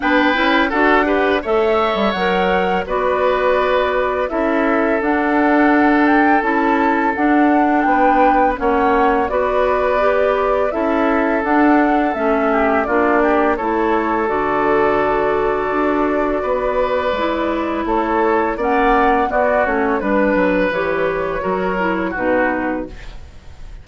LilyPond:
<<
  \new Staff \with { instrumentName = "flute" } { \time 4/4 \tempo 4 = 84 g''4 fis''4 e''4 fis''4 | d''2 e''4 fis''4~ | fis''8 g''8 a''4 fis''4 g''4 | fis''4 d''2 e''4 |
fis''4 e''4 d''4 cis''4 | d''1~ | d''4 cis''4 fis''4 d''8 cis''8 | b'4 cis''2 b'4 | }
  \new Staff \with { instrumentName = "oboe" } { \time 4/4 b'4 a'8 b'8 cis''2 | b'2 a'2~ | a'2. b'4 | cis''4 b'2 a'4~ |
a'4. g'8 f'8 g'8 a'4~ | a'2. b'4~ | b'4 a'4 d''4 fis'4 | b'2 ais'4 fis'4 | }
  \new Staff \with { instrumentName = "clarinet" } { \time 4/4 d'8 e'8 fis'8 g'8 a'4 ais'4 | fis'2 e'4 d'4~ | d'4 e'4 d'2 | cis'4 fis'4 g'4 e'4 |
d'4 cis'4 d'4 e'4 | fis'1 | e'2 cis'4 b8 cis'8 | d'4 g'4 fis'8 e'8 dis'4 | }
  \new Staff \with { instrumentName = "bassoon" } { \time 4/4 b8 cis'8 d'4 a8. g16 fis4 | b2 cis'4 d'4~ | d'4 cis'4 d'4 b4 | ais4 b2 cis'4 |
d'4 a4 ais4 a4 | d2 d'4 b4 | gis4 a4 ais4 b8 a8 | g8 fis8 e4 fis4 b,4 | }
>>